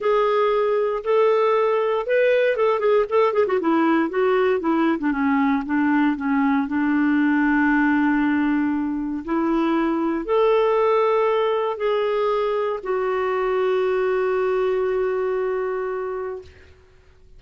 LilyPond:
\new Staff \with { instrumentName = "clarinet" } { \time 4/4 \tempo 4 = 117 gis'2 a'2 | b'4 a'8 gis'8 a'8 gis'16 fis'16 e'4 | fis'4 e'8. d'16 cis'4 d'4 | cis'4 d'2.~ |
d'2 e'2 | a'2. gis'4~ | gis'4 fis'2.~ | fis'1 | }